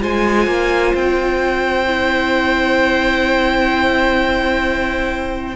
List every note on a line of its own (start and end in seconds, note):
0.00 0.47 G#3
0.00 1.85 F4
0.00 5.55 C5
0.00 0.95 G#5
0.47 0.93 A#3
0.94 5.55 C4
0.94 5.55 G5
1.86 5.55 E4